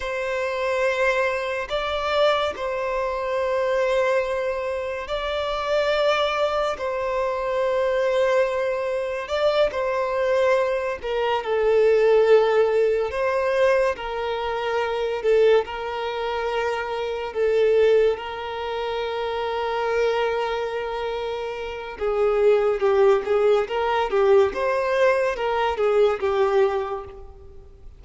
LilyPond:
\new Staff \with { instrumentName = "violin" } { \time 4/4 \tempo 4 = 71 c''2 d''4 c''4~ | c''2 d''2 | c''2. d''8 c''8~ | c''4 ais'8 a'2 c''8~ |
c''8 ais'4. a'8 ais'4.~ | ais'8 a'4 ais'2~ ais'8~ | ais'2 gis'4 g'8 gis'8 | ais'8 g'8 c''4 ais'8 gis'8 g'4 | }